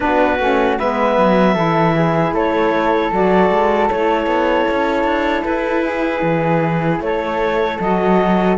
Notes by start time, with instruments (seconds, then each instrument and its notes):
0.00 cello B3, saxophone D4, flute F#4, clarinet B4
0.39 cello A3, saxophone C#4
0.78 cello G#3, saxophone B3, flute B4, clarinet E5
1.18 cello F#3
1.54 cello E3, saxophone E4, flute A4
1.94 flute G#4
2.32 cello A3, flute A4, clarinet C#5
3.12 cello F#3, saxophone F#4, clarinet D5
3.50 cello G#3
3.89 cello A3, saxophone E4, clarinet C#5
4.26 cello B3
4.70 cello C#4
5.03 cello D4
5.44 cello E4, clarinet B4
5.85 flute G#4
6.22 cello E3
7.00 cello A3, flute A4, clarinet C#5
7.79 cello F#3, saxophone F#4, clarinet D#5